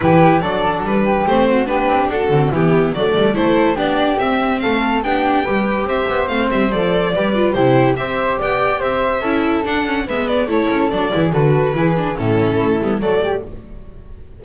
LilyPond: <<
  \new Staff \with { instrumentName = "violin" } { \time 4/4 \tempo 4 = 143 b'4 d''4 b'4 c''4 | b'4 a'4 g'4 d''4 | c''4 d''4 e''4 f''4 | g''2 e''4 f''8 e''8 |
d''2 c''4 e''4 | g''4 e''2 fis''4 | e''8 d''8 cis''4 d''4 b'4~ | b'4 a'2 d''4 | }
  \new Staff \with { instrumentName = "flute" } { \time 4/4 g'4 a'4. g'4 fis'8 | g'4 fis'4 e'4 d'4 | a'4 g'2 a'4 | g'4 b'4 c''2~ |
c''4 b'4 g'4 c''4 | d''4 c''4 a'2 | b'4 a'4. gis'8 a'4 | gis'4 e'2 a'8 g'8 | }
  \new Staff \with { instrumentName = "viola" } { \time 4/4 e'4 d'2 c'4 | d'4. c'8 b4 a4 | e'4 d'4 c'2 | d'4 g'2 c'4 |
a'4 g'8 f'8 e'4 g'4~ | g'2 e'4 d'8 cis'8 | b4 e'4 d'8 e'8 fis'4 | e'8 d'8 cis'4. b8 a4 | }
  \new Staff \with { instrumentName = "double bass" } { \time 4/4 e4 fis4 g4 a4 | b8 c'8 d'8 d8 e4 fis8 g8 | a4 b4 c'4 a4 | b4 g4 c'8 b8 a8 g8 |
f4 g4 c4 c'4 | b4 c'4 cis'4 d'4 | gis4 a8 cis'8 fis8 e8 d4 | e4 a,4 a8 g8 fis4 | }
>>